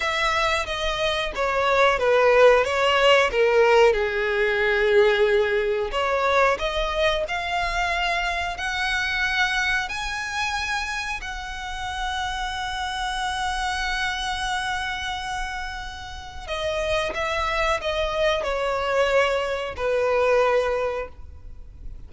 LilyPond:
\new Staff \with { instrumentName = "violin" } { \time 4/4 \tempo 4 = 91 e''4 dis''4 cis''4 b'4 | cis''4 ais'4 gis'2~ | gis'4 cis''4 dis''4 f''4~ | f''4 fis''2 gis''4~ |
gis''4 fis''2.~ | fis''1~ | fis''4 dis''4 e''4 dis''4 | cis''2 b'2 | }